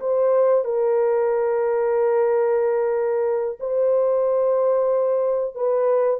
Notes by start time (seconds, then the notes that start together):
0.00 C5
0.64 A#4
3.60 C5
5.55 B4